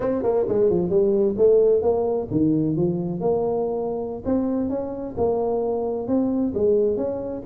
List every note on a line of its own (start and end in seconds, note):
0.00 0.22 C4
0.22 0.45 A#3
0.48 0.70 G#3
0.70 0.89 F3
0.89 1.35 G3
1.37 1.82 A3
1.82 2.28 A#3
2.30 2.76 D#3
2.76 3.20 F3
3.20 4.23 A#3
4.25 4.69 C4
4.69 5.15 C#4
5.17 6.07 A#3
6.07 6.53 C4
6.54 6.96 G#3
6.96 7.42 C#4